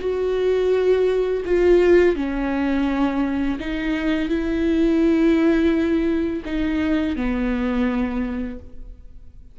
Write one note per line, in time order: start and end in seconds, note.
0.00 1.43 F#4
1.45 2.16 F4
2.16 3.58 C#4
3.59 4.29 D#4
4.29 6.43 E4
6.45 7.16 D#4
7.16 8.59 B3